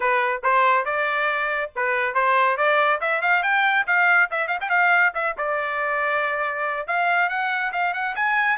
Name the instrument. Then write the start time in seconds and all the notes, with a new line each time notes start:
trumpet
0.00 B4
0.43 C5
0.85 D5
1.75 B4
2.14 C5
2.57 D5
3.01 E5
3.21 F5
3.43 G5
3.86 F5
4.31 E5
4.47 F5
4.60 G5
4.69 F5
5.14 E5
5.37 D5
6.87 F5
7.29 F#5
7.72 F5
7.93 F#5
8.15 G#5